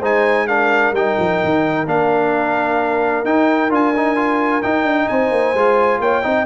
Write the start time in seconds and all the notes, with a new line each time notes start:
0.00 G#3 D#4 C5 G#5
0.48 D4 A#4 F5
0.93 G3 D#4 G5
1.19 F3
1.44 D#3
1.86 A#3 D4 F5
3.25 D#4 G5
3.70 D4 F4 G#5
3.97 D#4
4.16 F4
4.63 D#4 G5
4.84 D4
5.08 C4 C5 G#5
5.31 A#3
5.54 G#3 F4
6.00 A#3 C#5 G5
6.23 C4 D#4 D#5